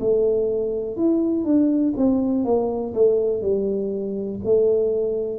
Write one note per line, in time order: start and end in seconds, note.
0.00 0.96 A3
0.96 1.44 E4
1.44 1.93 D4
1.97 2.44 C4
2.44 2.93 A#3
2.94 3.42 A3
3.42 4.40 G3
4.44 5.39 A3